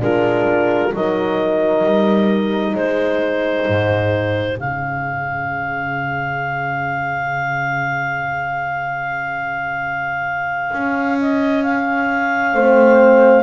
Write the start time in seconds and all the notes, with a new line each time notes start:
0.00 G#3 D4 F4 A#4
0.94 F#3 D#4 A#4 D#5
1.84 G3
2.73 G#3 G#4 C5
3.68 G#2
4.57 C#3 C#4 F5
10.73 C#4
11.20 D#5
11.63 F5
12.54 A3 C4 C5